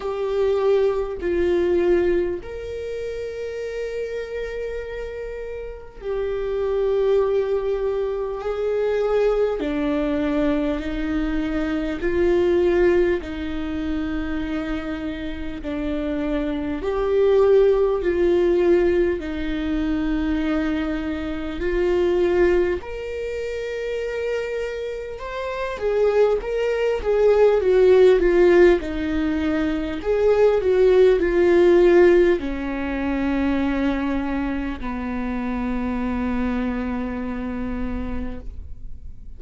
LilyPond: \new Staff \with { instrumentName = "viola" } { \time 4/4 \tempo 4 = 50 g'4 f'4 ais'2~ | ais'4 g'2 gis'4 | d'4 dis'4 f'4 dis'4~ | dis'4 d'4 g'4 f'4 |
dis'2 f'4 ais'4~ | ais'4 c''8 gis'8 ais'8 gis'8 fis'8 f'8 | dis'4 gis'8 fis'8 f'4 cis'4~ | cis'4 b2. | }